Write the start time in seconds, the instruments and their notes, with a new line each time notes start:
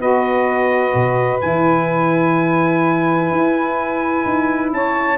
0.00 tuba B3, saxophone F#4 B4, trumpet D#5
0.95 tuba B2
1.41 tuba E3, saxophone E4, trumpet G#5
3.31 tuba E4
4.25 tuba D#4
4.73 tuba C#4, saxophone C#5, trumpet A5